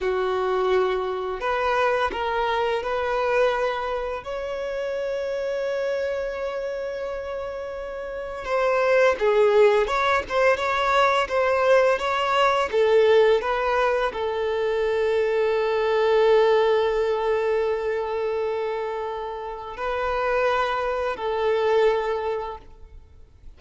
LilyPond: \new Staff \with { instrumentName = "violin" } { \time 4/4 \tempo 4 = 85 fis'2 b'4 ais'4 | b'2 cis''2~ | cis''1 | c''4 gis'4 cis''8 c''8 cis''4 |
c''4 cis''4 a'4 b'4 | a'1~ | a'1 | b'2 a'2 | }